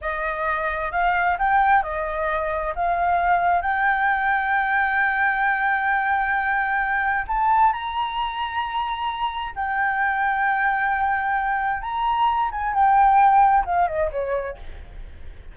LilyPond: \new Staff \with { instrumentName = "flute" } { \time 4/4 \tempo 4 = 132 dis''2 f''4 g''4 | dis''2 f''2 | g''1~ | g''1 |
a''4 ais''2.~ | ais''4 g''2.~ | g''2 ais''4. gis''8 | g''2 f''8 dis''8 cis''4 | }